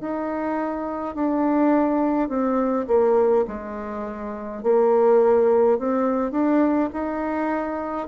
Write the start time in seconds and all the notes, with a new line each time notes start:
0.00 D#4
1.15 D4
2.28 C4
2.87 A#3
3.47 G#3
4.63 A#3
5.78 C4
6.31 D4
6.92 D#4